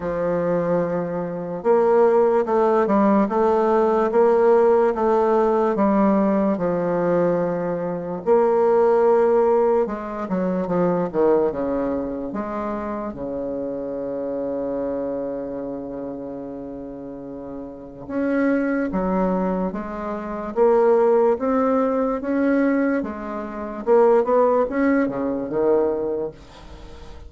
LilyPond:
\new Staff \with { instrumentName = "bassoon" } { \time 4/4 \tempo 4 = 73 f2 ais4 a8 g8 | a4 ais4 a4 g4 | f2 ais2 | gis8 fis8 f8 dis8 cis4 gis4 |
cis1~ | cis2 cis'4 fis4 | gis4 ais4 c'4 cis'4 | gis4 ais8 b8 cis'8 cis8 dis4 | }